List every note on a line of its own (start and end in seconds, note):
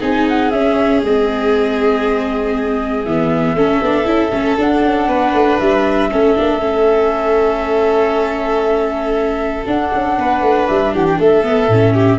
0.00 0.52 C4
0.00 0.52 D#4
0.00 3.56 G#4
0.00 0.27 G#5
0.29 0.51 F#5
0.51 1.03 C#4
0.51 1.05 C#4
0.51 1.02 E5
1.03 3.06 G#3
1.03 3.08 C4
1.03 3.04 D#5
3.04 3.55 E3
3.04 3.57 B3
3.04 4.57 E5
3.55 3.80 A3
3.55 3.83 C#4
3.55 5.09 A4
3.82 4.06 B3
3.82 4.05 D4
4.05 4.31 C#4
4.05 4.31 E4
4.33 4.58 A3
4.33 4.59 C#4
4.59 6.11 D4
4.59 4.83 D4
4.59 5.59 F#5
4.83 5.08 C#4
5.08 5.34 B3
5.08 6.10 B4
5.34 5.59 A3
5.59 6.12 G3
5.59 9.66 E5
6.11 6.38 A3
6.11 6.36 C#4
6.11 10.19 A4
6.36 6.58 A#3
6.36 6.61 D4
6.58 9.63 A3
6.58 9.66 C#4
9.67 11.44 D4
9.67 9.93 D4
9.67 10.69 F#5
9.94 10.19 C#4
10.19 10.42 B3
10.19 10.94 B4
10.42 10.67 A3
10.69 10.95 G3
10.69 10.94 E5
10.94 11.19 E3
10.94 11.19 G4
10.94 11.08 F#5
11.08 11.21 G5
11.19 11.69 A3
11.19 11.94 A4
11.19 12.19 E5
11.44 11.69 B3
11.69 12.19 A2
11.69 12.19 C#4
11.94 12.19 G4